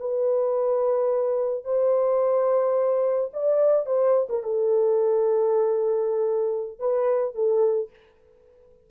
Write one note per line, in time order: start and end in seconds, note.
0.00 1.64 B4
1.64 3.31 C5
3.34 3.86 D5
3.86 4.28 C5
4.29 4.43 A#4
4.43 6.79 A4
6.79 7.35 B4
7.35 7.90 A4